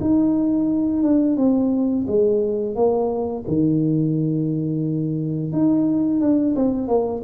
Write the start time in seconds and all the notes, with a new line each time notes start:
0.00 D#4
1.03 D4
1.36 C4
2.07 G#3
2.75 A#3
3.47 D#3
5.52 D#4
6.20 D4
6.55 C4
6.87 A#3